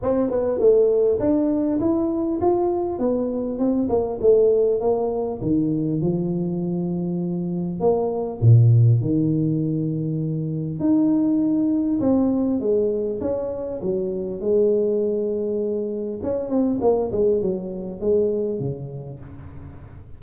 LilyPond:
\new Staff \with { instrumentName = "tuba" } { \time 4/4 \tempo 4 = 100 c'8 b8 a4 d'4 e'4 | f'4 b4 c'8 ais8 a4 | ais4 dis4 f2~ | f4 ais4 ais,4 dis4~ |
dis2 dis'2 | c'4 gis4 cis'4 fis4 | gis2. cis'8 c'8 | ais8 gis8 fis4 gis4 cis4 | }